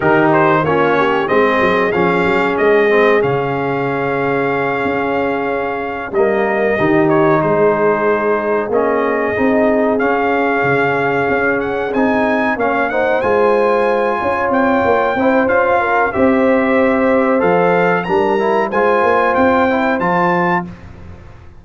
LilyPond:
<<
  \new Staff \with { instrumentName = "trumpet" } { \time 4/4 \tempo 4 = 93 ais'8 c''8 cis''4 dis''4 f''4 | dis''4 f''2.~ | f''4. dis''4. cis''8 c''8~ | c''4. dis''2 f''8~ |
f''2 fis''8 gis''4 f''8 | fis''8 gis''2 g''4. | f''4 e''2 f''4 | ais''4 gis''4 g''4 a''4 | }
  \new Staff \with { instrumentName = "horn" } { \time 4/4 g'4 f'8 g'8 gis'2~ | gis'1~ | gis'4. ais'4 g'4 gis'8~ | gis'1~ |
gis'2.~ gis'8 cis''8 | c''2 cis''4. c''8~ | c''8 ais'8 c''2. | ais'4 c''2. | }
  \new Staff \with { instrumentName = "trombone" } { \time 4/4 dis'4 cis'4 c'4 cis'4~ | cis'8 c'8 cis'2.~ | cis'4. ais4 dis'4.~ | dis'4. cis'4 dis'4 cis'8~ |
cis'2~ cis'8 dis'4 cis'8 | dis'8 f'2. e'8 | f'4 g'2 a'4 | d'8 e'8 f'4. e'8 f'4 | }
  \new Staff \with { instrumentName = "tuba" } { \time 4/4 dis4 ais4 gis8 fis8 f8 fis8 | gis4 cis2~ cis8 cis'8~ | cis'4. g4 dis4 gis8~ | gis4. ais4 c'4 cis'8~ |
cis'8 cis4 cis'4 c'4 ais8~ | ais8 gis4. cis'8 c'8 ais8 c'8 | cis'4 c'2 f4 | g4 gis8 ais8 c'4 f4 | }
>>